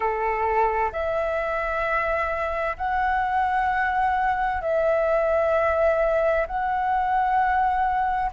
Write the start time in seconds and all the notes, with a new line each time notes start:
0.00 A4
0.92 E5
2.77 F#5
4.62 E5
6.46 F#5